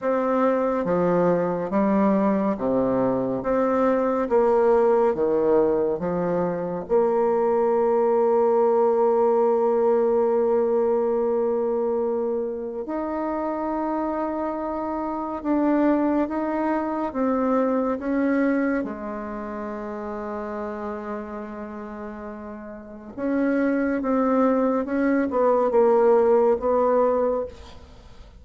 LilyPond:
\new Staff \with { instrumentName = "bassoon" } { \time 4/4 \tempo 4 = 70 c'4 f4 g4 c4 | c'4 ais4 dis4 f4 | ais1~ | ais2. dis'4~ |
dis'2 d'4 dis'4 | c'4 cis'4 gis2~ | gis2. cis'4 | c'4 cis'8 b8 ais4 b4 | }